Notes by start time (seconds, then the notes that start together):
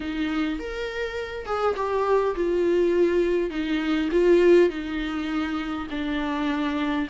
0.00 D#4
0.59 A#4
1.45 G#4
1.76 G4
2.35 F4
3.50 D#4
4.11 F4
4.69 D#4
5.90 D4